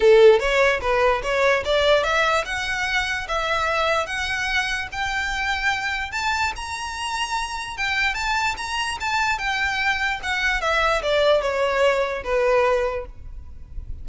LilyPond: \new Staff \with { instrumentName = "violin" } { \time 4/4 \tempo 4 = 147 a'4 cis''4 b'4 cis''4 | d''4 e''4 fis''2 | e''2 fis''2 | g''2. a''4 |
ais''2. g''4 | a''4 ais''4 a''4 g''4~ | g''4 fis''4 e''4 d''4 | cis''2 b'2 | }